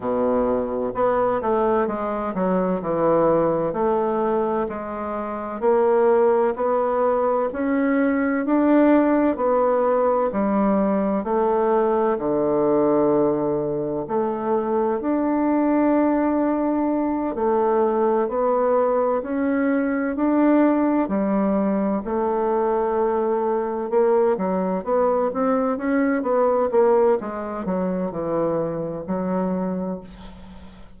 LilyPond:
\new Staff \with { instrumentName = "bassoon" } { \time 4/4 \tempo 4 = 64 b,4 b8 a8 gis8 fis8 e4 | a4 gis4 ais4 b4 | cis'4 d'4 b4 g4 | a4 d2 a4 |
d'2~ d'8 a4 b8~ | b8 cis'4 d'4 g4 a8~ | a4. ais8 fis8 b8 c'8 cis'8 | b8 ais8 gis8 fis8 e4 fis4 | }